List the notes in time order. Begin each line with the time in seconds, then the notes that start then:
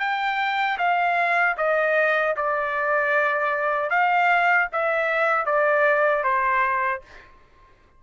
0.00 G5
0.79 F5
1.58 D#5
2.37 D5
3.90 F5
4.73 E5
5.46 D5
6.24 C5